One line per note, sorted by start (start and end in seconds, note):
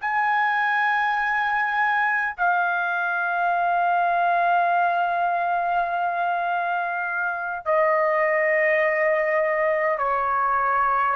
0.00 2.35 G#5
2.37 7.65 F5
7.65 9.98 D#5
9.98 11.16 C#5